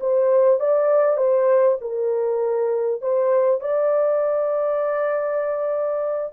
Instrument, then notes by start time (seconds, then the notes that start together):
horn
0.00 C5
0.60 D5
1.17 C5
1.81 A#4
3.01 C5
3.61 D5